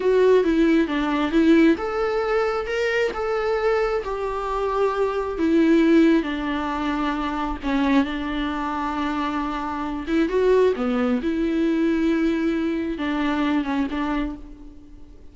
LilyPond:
\new Staff \with { instrumentName = "viola" } { \time 4/4 \tempo 4 = 134 fis'4 e'4 d'4 e'4 | a'2 ais'4 a'4~ | a'4 g'2. | e'2 d'2~ |
d'4 cis'4 d'2~ | d'2~ d'8 e'8 fis'4 | b4 e'2.~ | e'4 d'4. cis'8 d'4 | }